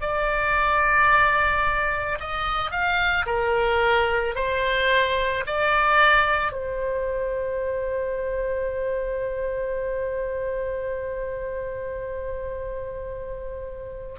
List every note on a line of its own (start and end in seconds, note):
0.00 2.18 D5
2.20 2.71 D#5
2.71 3.25 F5
3.26 4.35 A#4
4.35 5.44 C5
5.46 6.52 D5
6.52 14.15 C5